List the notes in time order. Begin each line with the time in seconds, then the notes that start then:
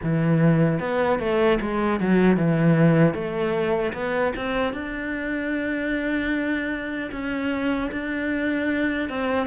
0.03 E3
0.79 B3
1.19 A3
1.60 G#3
2.00 F#3
2.36 E3
3.14 A3
3.93 B3
4.36 C4
4.73 D4
7.11 C#4
7.91 D4
9.09 C4